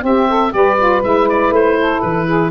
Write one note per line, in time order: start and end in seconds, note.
0.00 0.50 C4
0.00 0.53 C4
0.00 0.28 G4
0.00 0.53 E5
0.28 0.52 A4
0.52 1.03 G3
0.52 0.76 G4
0.52 1.78 B4
0.52 1.02 D5
0.78 1.02 F4
1.02 1.50 G#3
1.02 2.51 E4
1.02 1.29 E5
1.29 1.53 D5
1.50 1.99 A3
1.50 2.01 C5
1.78 2.26 A4
2.01 2.51 E3
2.01 2.51 B4
2.26 2.51 G#4